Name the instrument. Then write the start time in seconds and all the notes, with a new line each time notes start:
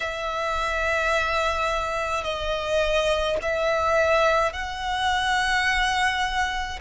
violin
0.00 E5
2.24 D#5
3.42 E5
4.52 F#5